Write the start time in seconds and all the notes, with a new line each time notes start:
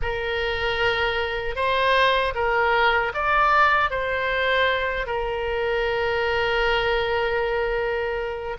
0.02 A#4
1.55 C5
2.34 A#4
3.13 D5
3.90 C5
5.06 A#4